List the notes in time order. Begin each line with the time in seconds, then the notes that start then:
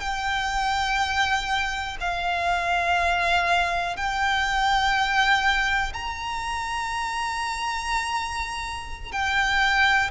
0.00 G5
2.00 F5
3.96 G5
5.93 A#5
9.12 G5